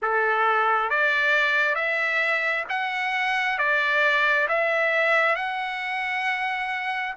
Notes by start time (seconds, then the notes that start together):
0.02 A4
0.90 D5
1.75 E5
2.69 F#5
3.58 D5
4.48 E5
5.35 F#5